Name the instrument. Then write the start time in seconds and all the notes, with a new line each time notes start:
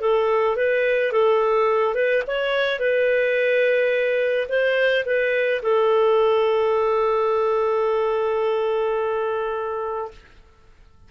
clarinet
0.00 A4
0.56 B4
1.12 A4
1.94 B4
2.27 C#5
2.79 B4
4.48 C5
5.05 B4
5.62 A4